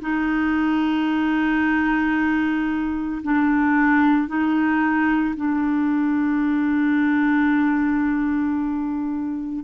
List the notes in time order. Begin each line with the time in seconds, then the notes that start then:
0.00 D#4
3.22 D4
4.28 D#4
5.36 D4